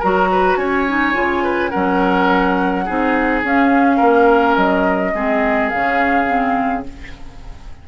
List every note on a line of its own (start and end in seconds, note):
0.00 0.57 F#3
0.00 0.88 F#4
0.00 0.29 A#4
0.00 0.57 A#5
0.32 0.59 B4
0.57 1.14 C#4
0.57 1.44 C#5
0.57 1.71 G#5
0.88 1.14 D#4
1.14 1.72 C#3
1.14 1.71 F4
1.44 1.71 B4
1.71 2.89 F#3
1.71 2.87 C#4
1.71 2.85 A#4
1.71 3.42 F#5
2.86 3.44 C4
2.86 3.44 D#4
2.86 3.97 G#4
3.44 4.01 C#4
3.44 5.15 C#4
3.44 4.57 F5
3.97 4.57 A#3
3.97 5.11 A#4
4.57 5.14 F#3
4.57 5.69 D#5
5.14 5.71 G#3
5.14 5.73 C4
5.14 6.87 G#4
5.69 6.88 C#3
5.69 6.27 C#4
5.69 6.84 F5
6.27 6.84 C4